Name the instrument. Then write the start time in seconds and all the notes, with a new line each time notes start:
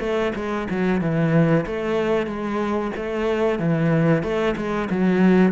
cello
0.00 A3
0.35 G#3
0.70 F#3
1.01 E3
1.66 A3
2.27 G#3
2.96 A3
3.59 E3
4.23 A3
4.57 G#3
4.90 F#3